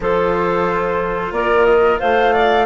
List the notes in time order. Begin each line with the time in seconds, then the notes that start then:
0.00 F3 F4 A4 C5
1.31 A#3 A#4 D5
1.65 D#5
1.99 A3 C5 F5
2.33 D5